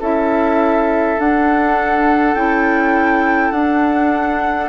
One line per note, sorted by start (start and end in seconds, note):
0.00 1.18 C#4
0.00 1.18 E4
0.00 4.69 A4
0.00 1.20 E5
1.18 2.36 D4
1.18 2.35 D4
1.18 2.35 F#5
2.35 3.51 C#4
2.35 3.53 E4
2.35 3.51 G5
3.51 4.69 D4
3.51 4.69 F#5